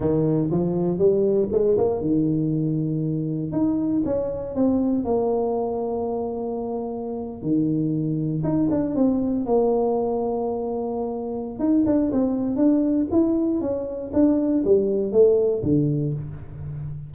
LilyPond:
\new Staff \with { instrumentName = "tuba" } { \time 4/4 \tempo 4 = 119 dis4 f4 g4 gis8 ais8 | dis2. dis'4 | cis'4 c'4 ais2~ | ais2~ ais8. dis4~ dis16~ |
dis8. dis'8 d'8 c'4 ais4~ ais16~ | ais2. dis'8 d'8 | c'4 d'4 e'4 cis'4 | d'4 g4 a4 d4 | }